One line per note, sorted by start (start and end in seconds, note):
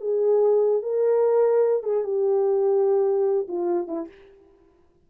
0.00 0.82 G#4
0.82 1.83 A#4
1.83 2.03 G#4
2.03 3.47 G4
3.48 3.87 F4
3.87 4.08 E4